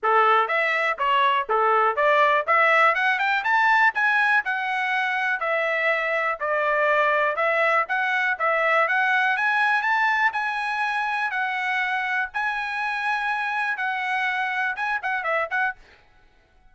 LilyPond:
\new Staff \with { instrumentName = "trumpet" } { \time 4/4 \tempo 4 = 122 a'4 e''4 cis''4 a'4 | d''4 e''4 fis''8 g''8 a''4 | gis''4 fis''2 e''4~ | e''4 d''2 e''4 |
fis''4 e''4 fis''4 gis''4 | a''4 gis''2 fis''4~ | fis''4 gis''2. | fis''2 gis''8 fis''8 e''8 fis''8 | }